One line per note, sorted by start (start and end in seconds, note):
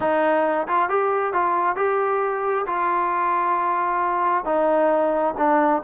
0.00 0.67 D#4
0.67 0.89 F4
0.89 1.33 G4
1.33 1.76 F4
1.76 2.65 G4
2.66 4.44 F4
4.44 5.34 D#4
5.37 5.82 D4